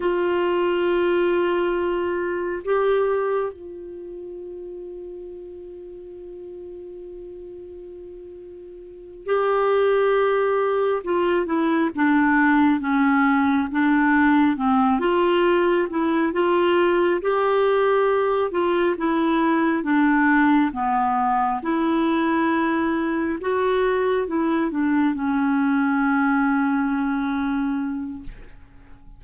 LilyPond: \new Staff \with { instrumentName = "clarinet" } { \time 4/4 \tempo 4 = 68 f'2. g'4 | f'1~ | f'2~ f'8 g'4.~ | g'8 f'8 e'8 d'4 cis'4 d'8~ |
d'8 c'8 f'4 e'8 f'4 g'8~ | g'4 f'8 e'4 d'4 b8~ | b8 e'2 fis'4 e'8 | d'8 cis'2.~ cis'8 | }